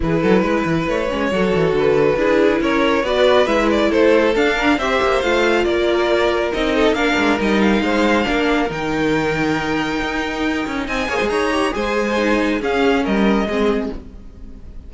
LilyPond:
<<
  \new Staff \with { instrumentName = "violin" } { \time 4/4 \tempo 4 = 138 b'2 cis''2 | b'2 cis''4 d''4 | e''8 d''8 c''4 f''4 e''4 | f''4 d''2 dis''4 |
f''4 dis''8 f''2~ f''8 | g''1~ | g''4 gis''4 ais''4 gis''4~ | gis''4 f''4 dis''2 | }
  \new Staff \with { instrumentName = "violin" } { \time 4/4 gis'8 a'8 b'2 a'4~ | a'4 gis'4 ais'4 b'4~ | b'4 a'4. ais'8 c''4~ | c''4 ais'2~ ais'8 a'8 |
ais'2 c''4 ais'4~ | ais'1~ | ais'4 dis''8 cis''16 c''16 cis''4 c''4~ | c''4 gis'4 ais'4 gis'4 | }
  \new Staff \with { instrumentName = "viola" } { \time 4/4 e'2~ e'8 cis'8 fis'4~ | fis'4 e'2 fis'4 | e'2 d'4 g'4 | f'2. dis'4 |
d'4 dis'2 d'4 | dis'1~ | dis'4. gis'4 g'8 gis'4 | dis'4 cis'2 c'4 | }
  \new Staff \with { instrumentName = "cello" } { \time 4/4 e8 fis8 gis8 e8 a8 gis8 fis8 e8 | d4 d'4 cis'4 b4 | gis4 a4 d'4 c'8 ais8 | a4 ais2 c'4 |
ais8 gis8 g4 gis4 ais4 | dis2. dis'4~ | dis'8 cis'8 c'8 ais16 gis16 dis'4 gis4~ | gis4 cis'4 g4 gis4 | }
>>